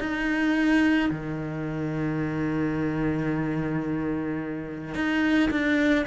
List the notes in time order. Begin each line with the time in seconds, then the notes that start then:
0.00 D#4
1.11 D#3
4.95 D#4
5.50 D4